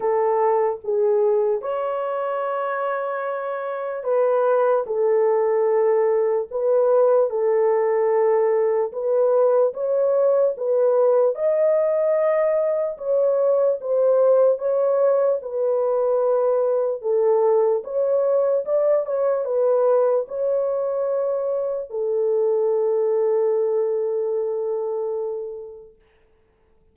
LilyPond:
\new Staff \with { instrumentName = "horn" } { \time 4/4 \tempo 4 = 74 a'4 gis'4 cis''2~ | cis''4 b'4 a'2 | b'4 a'2 b'4 | cis''4 b'4 dis''2 |
cis''4 c''4 cis''4 b'4~ | b'4 a'4 cis''4 d''8 cis''8 | b'4 cis''2 a'4~ | a'1 | }